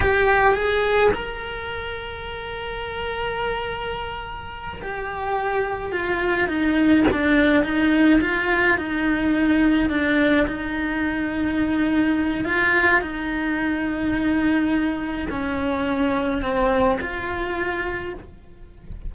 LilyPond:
\new Staff \with { instrumentName = "cello" } { \time 4/4 \tempo 4 = 106 g'4 gis'4 ais'2~ | ais'1~ | ais'8 g'2 f'4 dis'8~ | dis'8 d'4 dis'4 f'4 dis'8~ |
dis'4. d'4 dis'4.~ | dis'2 f'4 dis'4~ | dis'2. cis'4~ | cis'4 c'4 f'2 | }